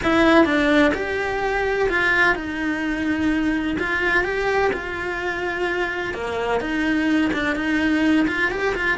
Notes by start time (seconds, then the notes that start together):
0.03 E4
0.45 D4
0.94 G4
1.89 F4
2.35 D#4
3.79 F4
4.24 G4
4.72 F4
6.14 A#3
6.60 D#4
7.33 D4
7.55 D#4
8.27 F4
8.51 G4
8.75 F4